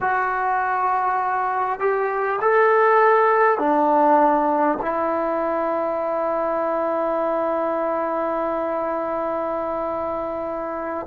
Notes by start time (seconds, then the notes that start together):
0.00 F#4
1.79 G4
2.41 A4
3.58 D4
4.81 E4